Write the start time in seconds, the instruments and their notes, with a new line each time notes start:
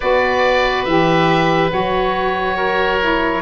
0.00 tuba B3, saxophone F#4, oboe B4 D5
0.84 tuba E3, saxophone G4, oboe E5
1.70 tuba F#3, saxophone F#4, oboe C#5
2.56 oboe A#4
3.00 saxophone E4